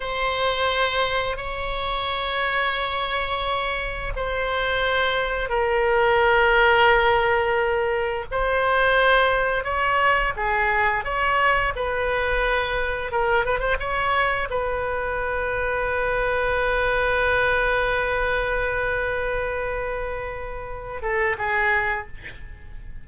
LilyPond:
\new Staff \with { instrumentName = "oboe" } { \time 4/4 \tempo 4 = 87 c''2 cis''2~ | cis''2 c''2 | ais'1 | c''2 cis''4 gis'4 |
cis''4 b'2 ais'8 b'16 c''16 | cis''4 b'2.~ | b'1~ | b'2~ b'8 a'8 gis'4 | }